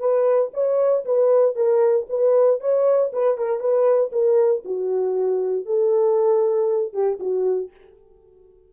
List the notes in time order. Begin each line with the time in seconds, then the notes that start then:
0.00 B4
0.54 C#5
1.06 B4
1.56 A#4
2.09 B4
2.61 C#5
3.13 B4
3.38 A#4
3.60 B4
4.12 A#4
4.65 F#4
5.66 A4
6.94 G4
7.20 F#4